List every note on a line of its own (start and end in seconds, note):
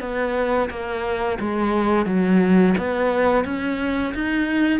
0.00 0.69 B3
0.69 1.38 A#3
1.39 2.06 G#3
2.06 2.75 F#3
2.77 3.44 B3
3.44 4.13 C#4
4.14 4.80 D#4